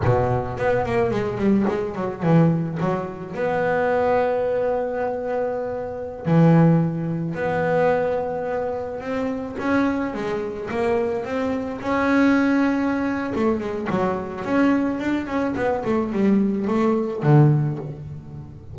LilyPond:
\new Staff \with { instrumentName = "double bass" } { \time 4/4 \tempo 4 = 108 b,4 b8 ais8 gis8 g8 gis8 fis8 | e4 fis4 b2~ | b2.~ b16 e8.~ | e4~ e16 b2~ b8.~ |
b16 c'4 cis'4 gis4 ais8.~ | ais16 c'4 cis'2~ cis'8. | a8 gis8 fis4 cis'4 d'8 cis'8 | b8 a8 g4 a4 d4 | }